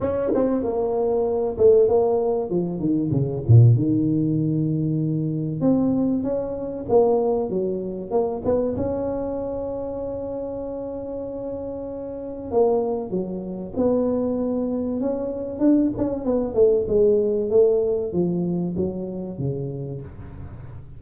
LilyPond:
\new Staff \with { instrumentName = "tuba" } { \time 4/4 \tempo 4 = 96 cis'8 c'8 ais4. a8 ais4 | f8 dis8 cis8 ais,8 dis2~ | dis4 c'4 cis'4 ais4 | fis4 ais8 b8 cis'2~ |
cis'1 | ais4 fis4 b2 | cis'4 d'8 cis'8 b8 a8 gis4 | a4 f4 fis4 cis4 | }